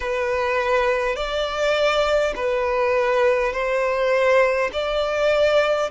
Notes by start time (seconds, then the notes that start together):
0.00 B4
1.16 D5
2.35 B4
3.52 C5
4.72 D5